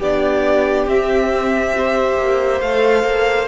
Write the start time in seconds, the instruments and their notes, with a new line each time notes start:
0.00 cello B3, viola D4, violin G4 D5
0.87 cello C4, viola C4, violin E5
1.74 viola G4, violin C5
2.17 cello A#3
2.61 cello A3, viola A4, violin F5
3.03 cello A#3